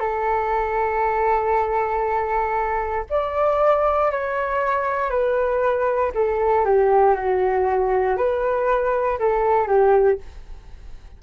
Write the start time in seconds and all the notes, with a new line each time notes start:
0.00 A4
3.10 D5
4.12 C#5
5.10 B4
6.15 A4
6.65 G4
7.15 F#4
8.17 B4
9.19 A4
9.67 G4